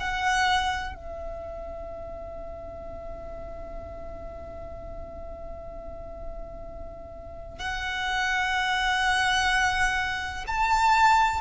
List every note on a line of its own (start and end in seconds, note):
0.00 0.95 F#5
0.95 7.59 E5
7.59 10.45 F#5
10.48 11.42 A5